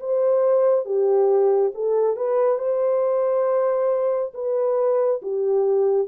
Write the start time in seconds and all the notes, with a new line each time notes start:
0.00 C5
0.85 G4
1.75 A4
2.17 B4
2.58 C5
4.34 B4
5.22 G4